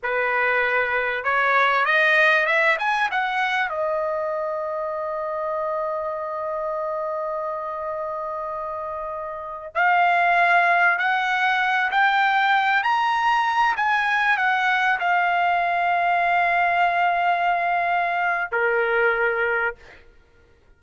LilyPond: \new Staff \with { instrumentName = "trumpet" } { \time 4/4 \tempo 4 = 97 b'2 cis''4 dis''4 | e''8 gis''8 fis''4 dis''2~ | dis''1~ | dis''2.~ dis''8. f''16~ |
f''4.~ f''16 fis''4. g''8.~ | g''8. ais''4. gis''4 fis''8.~ | fis''16 f''2.~ f''8.~ | f''2 ais'2 | }